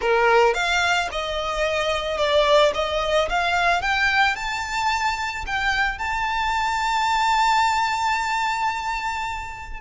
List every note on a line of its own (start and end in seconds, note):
0.01 0.54 A#4
0.54 1.08 F5
1.11 2.17 D#5
2.17 2.72 D5
2.74 3.29 D#5
3.29 3.81 F5
3.81 4.35 G5
4.35 5.44 A5
5.46 5.98 G5
5.98 9.80 A5